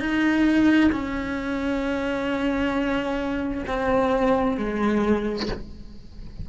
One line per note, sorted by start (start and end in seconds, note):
0.00 0.91 D#4
0.92 3.64 C#4
3.67 4.58 C4
4.58 5.49 G#3